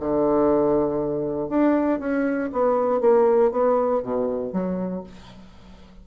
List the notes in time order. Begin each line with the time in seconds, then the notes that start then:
0.00 D3
1.49 D4
2.00 C#4
2.52 B3
3.01 A#3
3.52 B3
4.02 B2
4.53 F#3